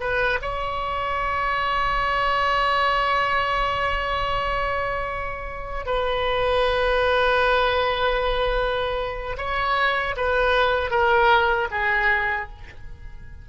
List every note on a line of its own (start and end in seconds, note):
0.00 0.39 B4
0.42 5.86 C#5
5.86 9.36 B4
9.37 10.15 C#5
10.17 10.91 B4
10.91 11.68 A#4
11.71 12.49 G#4